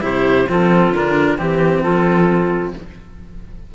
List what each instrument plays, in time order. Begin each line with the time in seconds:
0.00 cello C3 E4, clarinet G4, oboe C5
0.48 cello F3 C4, clarinet F4, oboe A4
0.90 cello D3 D4, oboe A#4
1.38 cello E3 C4, oboe G4, clarinet G4
1.83 cello F3, clarinet F4, oboe A4